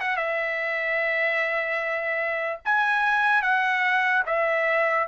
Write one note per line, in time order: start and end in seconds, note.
0.00 0.17 F#5
0.17 2.60 E5
2.65 3.42 G#5
3.42 4.23 F#5
4.26 5.07 E5